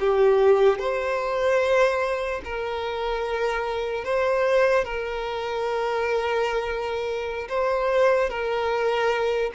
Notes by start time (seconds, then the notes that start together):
0.00 G4
0.79 C5
2.44 A#4
4.05 C5
4.84 A#4
7.49 C5
8.30 A#4